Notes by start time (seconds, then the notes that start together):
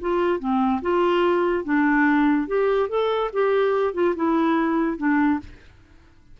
0.00 F4
0.39 C4
0.81 F4
1.64 D4
2.47 G4
2.89 A4
3.33 G4
3.94 F4
4.16 E4
4.97 D4